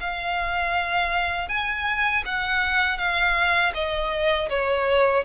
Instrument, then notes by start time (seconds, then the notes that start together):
violin
0.00 F5
1.48 G#5
2.25 F#5
2.98 F5
3.74 D#5
4.49 C#5